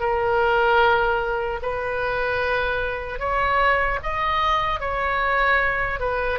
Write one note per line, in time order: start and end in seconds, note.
0.00 1.60 A#4
1.62 3.19 B4
3.19 3.99 C#5
4.03 4.80 D#5
4.80 6.00 C#5
6.00 6.39 B4